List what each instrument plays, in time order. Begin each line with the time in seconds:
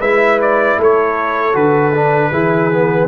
0.00 tuba G#3, trombone E4, horn B4, trumpet E5
0.42 trumpet D5
0.78 tuba A3, horn A4, trumpet C#5
1.53 tuba D3, trombone F#4, trumpet B4
1.95 trombone D4
2.31 tuba E3, trombone E4, horn G#4
2.71 trombone B3